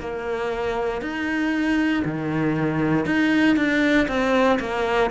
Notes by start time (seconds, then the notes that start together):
0.00 A#3
1.01 D#4
2.04 D#3
3.05 D#4
3.56 D4
4.08 C4
4.59 A#3